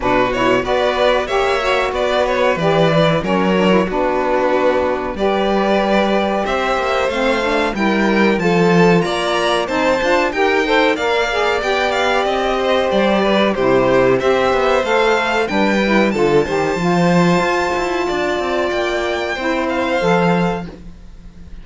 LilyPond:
<<
  \new Staff \with { instrumentName = "violin" } { \time 4/4 \tempo 4 = 93 b'8 cis''8 d''4 e''4 d''8 cis''8 | d''4 cis''4 b'2 | d''2 e''4 f''4 | g''4 a''4 ais''4 a''4 |
g''4 f''4 g''8 f''8 dis''4 | d''4 c''4 e''4 f''4 | g''4 a''2.~ | a''4 g''4. f''4. | }
  \new Staff \with { instrumentName = "violin" } { \time 4/4 fis'4 b'4 cis''4 b'4~ | b'4 ais'4 fis'2 | b'2 c''2 | ais'4 a'4 d''4 c''4 |
ais'8 c''8 d''2~ d''8 c''8~ | c''8 b'8 g'4 c''2 | b'4 a'8 c''2~ c''8 | d''2 c''2 | }
  \new Staff \with { instrumentName = "saxophone" } { \time 4/4 d'8 e'8 fis'4 g'8 fis'4. | g'8 e'8 cis'8 d'16 e'16 d'2 | g'2. c'8 d'8 | e'4 f'2 dis'8 f'8 |
g'8 a'8 ais'8 gis'8 g'2~ | g'4 e'4 g'4 a'4 | d'8 e'8 f'8 g'8 f'2~ | f'2 e'4 a'4 | }
  \new Staff \with { instrumentName = "cello" } { \time 4/4 b,4 b4 ais4 b4 | e4 fis4 b2 | g2 c'8 ais8 a4 | g4 f4 ais4 c'8 d'8 |
dis'4 ais4 b4 c'4 | g4 c4 c'8 b8 a4 | g4 d8 dis8 f4 f'8 e'8 | d'8 c'8 ais4 c'4 f4 | }
>>